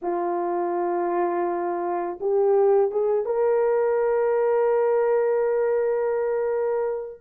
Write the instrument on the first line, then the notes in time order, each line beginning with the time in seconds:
horn
0.02 F4
2.20 G4
2.91 G#4
3.25 A#4